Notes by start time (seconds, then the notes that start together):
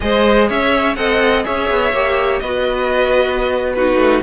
0.00 G#3 G#4 C5 D#5
0.48 C#4 C#5 E5
0.95 C4 A4 D#5 F#5
1.43 C#4 G#4 C#5 E5
1.70 B3
1.92 A#3 G4
2.39 B3 F#4 B4 D#5
3.73 D#4 F#4 B4
3.95 A3